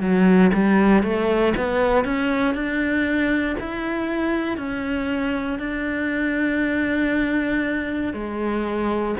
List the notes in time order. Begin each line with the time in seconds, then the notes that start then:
0.00 F#3
0.53 G3
1.03 A3
1.56 B3
2.04 C#4
2.54 D4
3.60 E4
4.57 C#4
5.59 D4
8.13 G#3